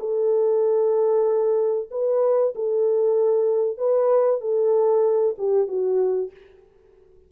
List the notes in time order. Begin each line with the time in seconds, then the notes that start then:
0.00 A4
1.91 B4
2.56 A4
3.78 B4
4.41 A4
5.39 G4
5.68 F#4